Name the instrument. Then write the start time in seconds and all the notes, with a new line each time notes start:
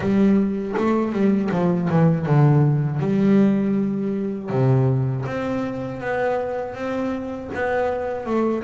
double bass
0.00 G3
0.77 A3
1.12 G3
1.51 F3
1.89 E3
2.26 D3
2.99 G3
4.49 C3
5.25 C4
6.00 B3
6.74 C4
7.54 B3
8.25 A3